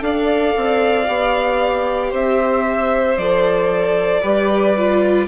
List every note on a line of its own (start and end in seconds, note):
0.00 0.54 D4
0.00 1.05 A4
0.00 2.10 D5
0.00 2.14 F5
0.57 1.08 C4
1.05 2.12 B3
1.05 3.16 G4
2.10 3.17 C4
2.10 4.21 C5
2.10 3.18 E5
3.17 4.22 F3
3.17 4.23 A4
3.17 5.28 D5
4.22 5.28 G3
4.22 4.75 G4
4.22 5.27 B4
4.78 5.28 F4